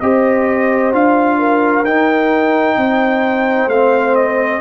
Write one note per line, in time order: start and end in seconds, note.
0.00 0.92 C4
0.00 0.92 G4
0.00 1.38 C5
0.00 0.92 D#5
0.92 1.84 D4
0.92 1.85 F4
0.92 1.85 F5
1.38 2.77 A#4
1.84 2.76 D#4
1.84 3.70 D#4
1.84 3.69 G5
2.76 3.67 C4
2.76 4.61 C5
3.67 4.59 A3
3.67 4.61 C4
3.67 4.15 F5
4.15 4.61 D#5